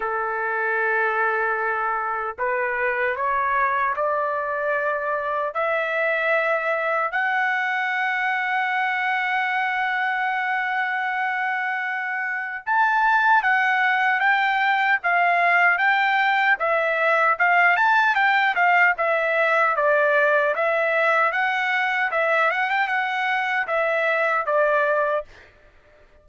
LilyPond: \new Staff \with { instrumentName = "trumpet" } { \time 4/4 \tempo 4 = 76 a'2. b'4 | cis''4 d''2 e''4~ | e''4 fis''2.~ | fis''1 |
a''4 fis''4 g''4 f''4 | g''4 e''4 f''8 a''8 g''8 f''8 | e''4 d''4 e''4 fis''4 | e''8 fis''16 g''16 fis''4 e''4 d''4 | }